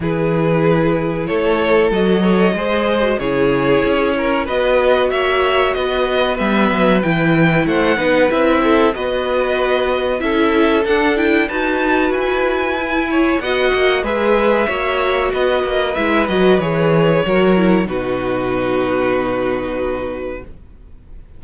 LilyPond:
<<
  \new Staff \with { instrumentName = "violin" } { \time 4/4 \tempo 4 = 94 b'2 cis''4 dis''4~ | dis''4 cis''2 dis''4 | e''4 dis''4 e''4 g''4 | fis''4 e''4 dis''2 |
e''4 fis''8 g''8 a''4 gis''4~ | gis''4 fis''4 e''2 | dis''4 e''8 dis''8 cis''2 | b'1 | }
  \new Staff \with { instrumentName = "violin" } { \time 4/4 gis'2 a'4. cis''8 | c''4 gis'4. ais'8 b'4 | cis''4 b'2. | c''8 b'4 a'8 b'2 |
a'2 b'2~ | b'8 cis''8 dis''4 b'4 cis''4 | b'2. ais'4 | fis'1 | }
  \new Staff \with { instrumentName = "viola" } { \time 4/4 e'2. fis'8 a'8 | gis'8. fis'16 e'2 fis'4~ | fis'2 b4 e'4~ | e'8 dis'8 e'4 fis'2 |
e'4 d'8 e'8 fis'2 | e'4 fis'4 gis'4 fis'4~ | fis'4 e'8 fis'8 gis'4 fis'8 e'8 | dis'1 | }
  \new Staff \with { instrumentName = "cello" } { \time 4/4 e2 a4 fis4 | gis4 cis4 cis'4 b4 | ais4 b4 g8 fis8 e4 | a8 b8 c'4 b2 |
cis'4 d'4 dis'4 e'4~ | e'4 b8 ais8 gis4 ais4 | b8 ais8 gis8 fis8 e4 fis4 | b,1 | }
>>